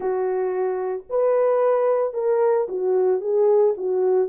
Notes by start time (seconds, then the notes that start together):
0.00 F#4
1.09 B4
2.13 A#4
2.68 F#4
3.20 G#4
3.77 F#4